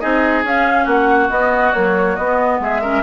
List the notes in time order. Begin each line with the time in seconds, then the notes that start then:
0.00 C4 D#4 G#4 D#5
0.44 C#4 F5
0.85 A#3 F#4 F#5
1.29 B3 D#5
1.72 F#3 A#3 C#5
2.16 B3 D#5
2.59 G#3 G#4 E5
2.81 C#4 A#4